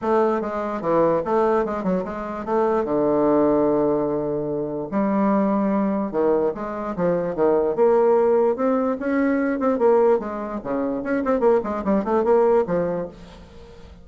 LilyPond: \new Staff \with { instrumentName = "bassoon" } { \time 4/4 \tempo 4 = 147 a4 gis4 e4 a4 | gis8 fis8 gis4 a4 d4~ | d1 | g2. dis4 |
gis4 f4 dis4 ais4~ | ais4 c'4 cis'4. c'8 | ais4 gis4 cis4 cis'8 c'8 | ais8 gis8 g8 a8 ais4 f4 | }